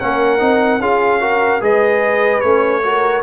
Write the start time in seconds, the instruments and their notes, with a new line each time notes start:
0.00 tuba A#3, trombone C#4, horn A#4, trumpet F#5
0.39 tuba C4, trombone D#4
0.80 tuba C#4, trombone F4, horn G#4, trumpet F5
1.20 trombone F#4, horn A#4
1.61 tuba G#3, trombone G#4, horn B4, trumpet D#5
2.40 tuba A3, trombone C#4, trumpet C#5
2.83 trombone F#4, horn A#4